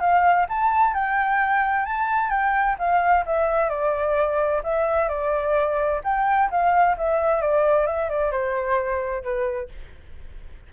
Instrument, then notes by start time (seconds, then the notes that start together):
flute
0.00 F5
0.49 A5
0.94 G5
1.85 A5
2.30 G5
2.78 F5
3.26 E5
3.69 D5
4.63 E5
5.09 D5
6.04 G5
6.50 F5
6.97 E5
7.41 D5
7.87 E5
8.09 D5
8.31 C5
9.23 B4